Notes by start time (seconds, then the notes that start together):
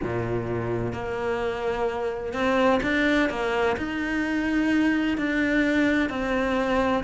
0.03 A#2
0.92 A#3
2.33 C4
2.82 D4
3.29 A#3
3.77 D#4
5.17 D4
6.09 C4